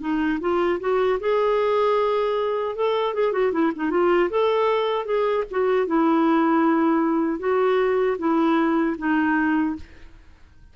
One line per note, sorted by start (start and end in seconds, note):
0.00 0.39 D#4
0.40 0.79 F4
0.80 1.19 F#4
1.20 2.76 G#4
2.76 3.14 A4
3.14 3.33 G#4
3.33 3.52 F#4
3.52 3.72 E4
3.75 3.90 D#4
3.90 4.29 F4
4.30 5.05 A4
5.05 5.44 G#4
5.51 5.87 F#4
5.87 7.39 E4
7.39 8.17 F#4
8.19 8.96 E4
8.98 9.76 D#4